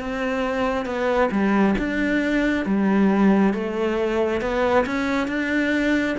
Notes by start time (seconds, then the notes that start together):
0.00 C4
0.85 B3
1.31 G3
1.78 D4
2.66 G3
3.53 A3
4.41 B3
4.86 C#4
5.28 D4